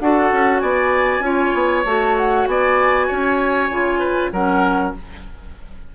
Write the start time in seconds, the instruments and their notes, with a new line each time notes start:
0.00 bassoon D4, clarinet F#4, oboe A4, flute F#5
0.33 bassoon C#4
0.60 bassoon B3, oboe D5, flute G#5
1.20 bassoon C#4, clarinet F4, oboe C#5
1.54 bassoon B3
1.85 bassoon A3, clarinet F#4, flute A5
2.18 flute F#5
2.47 bassoon B3, oboe D5, flute G#5
3.08 bassoon C#4, oboe C#5
3.70 bassoon C#3, clarinet F4
3.99 oboe B4
4.32 bassoon F#3, clarinet C#4, oboe A#4, flute F#5